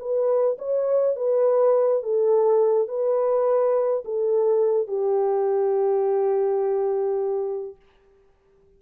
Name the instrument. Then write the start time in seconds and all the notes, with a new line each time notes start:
horn
0.00 B4
0.59 C#5
1.16 B4
2.03 A4
2.88 B4
4.05 A4
4.88 G4